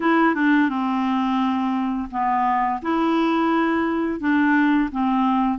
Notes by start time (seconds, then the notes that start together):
0.00 E4
0.35 D4
0.69 C4
2.11 B3
2.82 E4
4.20 D4
4.91 C4